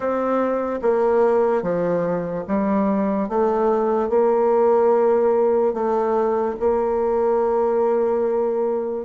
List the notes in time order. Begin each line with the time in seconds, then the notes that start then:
0.00 C4
0.82 A#3
1.62 F3
2.47 G3
3.29 A3
4.09 A#3
5.73 A3
6.59 A#3